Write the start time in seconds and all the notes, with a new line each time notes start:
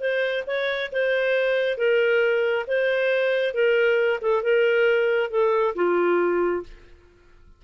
0.00 C5
0.47 C#5
0.92 C5
1.77 A#4
2.67 C5
3.54 A#4
4.21 A4
4.43 A#4
5.30 A4
5.75 F4